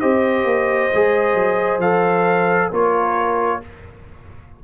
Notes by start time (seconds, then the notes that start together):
0.00 C4 G4 C5 D#5
0.44 A#3
0.94 G#3 G#4
1.34 F#3
1.78 F3 A4 F5
2.70 A#3 F4 A#4 C#5